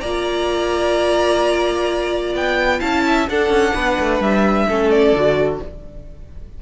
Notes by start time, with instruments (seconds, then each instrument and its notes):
0.00 cello A#3, viola F4, violin D5 A#5
2.34 cello B3, violin G5
2.79 cello C#4, viola E4, violin F5 A5
3.06 violin E5
3.29 cello D4, viola D4, violin A4 F#5
3.50 cello C#4
3.74 cello B3, violin B4
4.00 cello A3
4.20 cello G3, violin E5
4.67 cello A3, viola C#4, violin A4
4.90 violin D5
5.12 cello D3, viola F#4